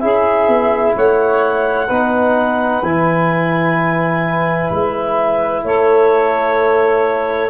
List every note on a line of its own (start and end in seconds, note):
0.00 0.47 C#4
0.00 1.88 E4
0.00 0.95 G#4
0.00 0.94 E5
0.47 0.94 B3
0.96 1.89 A3
0.96 1.87 C#5
0.96 2.83 F#5
1.87 2.82 B3
1.87 2.83 D#4
1.87 5.62 B4
2.82 4.70 E3
2.82 7.50 E4
2.82 4.71 G#5
4.70 5.63 G#3
4.70 5.64 E5
5.63 7.50 A3
5.63 7.50 A4
5.63 7.50 C#5